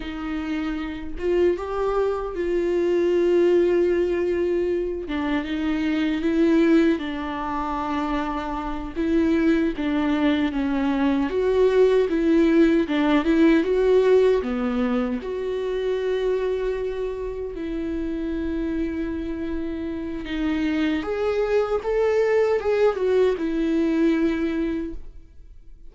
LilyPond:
\new Staff \with { instrumentName = "viola" } { \time 4/4 \tempo 4 = 77 dis'4. f'8 g'4 f'4~ | f'2~ f'8 d'8 dis'4 | e'4 d'2~ d'8 e'8~ | e'8 d'4 cis'4 fis'4 e'8~ |
e'8 d'8 e'8 fis'4 b4 fis'8~ | fis'2~ fis'8 e'4.~ | e'2 dis'4 gis'4 | a'4 gis'8 fis'8 e'2 | }